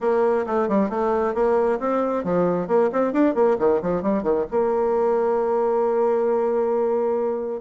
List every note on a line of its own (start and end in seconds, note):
0.00 0.45 A#3
0.46 0.68 A3
0.68 0.89 G3
0.89 1.34 A3
1.34 1.79 A#3
1.79 2.23 C4
2.23 2.67 F3
2.67 2.90 A#3
2.92 3.12 C4
3.12 3.35 D4
3.35 3.57 A#3
3.58 3.81 D#3
3.82 4.02 F3
4.02 4.23 G3
4.23 4.45 D#3
4.50 7.61 A#3